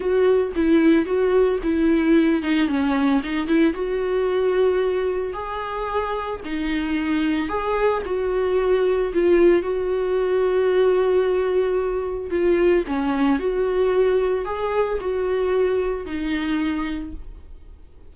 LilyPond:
\new Staff \with { instrumentName = "viola" } { \time 4/4 \tempo 4 = 112 fis'4 e'4 fis'4 e'4~ | e'8 dis'8 cis'4 dis'8 e'8 fis'4~ | fis'2 gis'2 | dis'2 gis'4 fis'4~ |
fis'4 f'4 fis'2~ | fis'2. f'4 | cis'4 fis'2 gis'4 | fis'2 dis'2 | }